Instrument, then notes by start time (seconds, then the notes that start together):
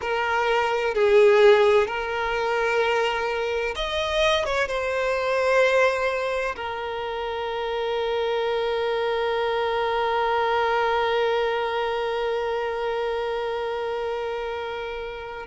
violin
0.01 A#4
0.94 G#4
1.87 A#4
3.75 D#5
4.45 C#5
4.67 C5
6.56 A#4